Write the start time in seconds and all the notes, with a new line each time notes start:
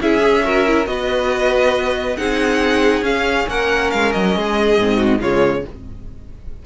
0.00 C#4 E4 G#4 E5
0.20 G#4
0.44 F#4 A#4
0.66 E4
0.84 B3 F#4 D#5
0.90 B4
2.17 C4 D#4 G#4 F#5
3.01 C#4 F5
3.48 A#3 A#4 F#5
3.90 G#3 F5
4.12 F#3 D#5
4.36 G#3 G#4
4.78 G#2 C4
4.96 F#4
5.19 C#3 G#3 F4 C#5